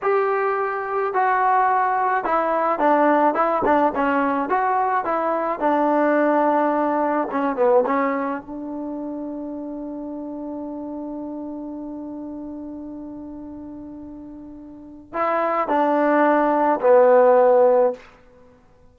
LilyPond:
\new Staff \with { instrumentName = "trombone" } { \time 4/4 \tempo 4 = 107 g'2 fis'2 | e'4 d'4 e'8 d'8 cis'4 | fis'4 e'4 d'2~ | d'4 cis'8 b8 cis'4 d'4~ |
d'1~ | d'1~ | d'2. e'4 | d'2 b2 | }